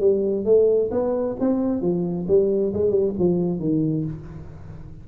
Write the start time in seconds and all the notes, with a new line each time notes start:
0.00 G3
0.45 A3
0.91 B3
1.40 C4
1.81 F3
2.28 G3
2.73 G#3
2.91 G3
3.19 F3
3.60 D#3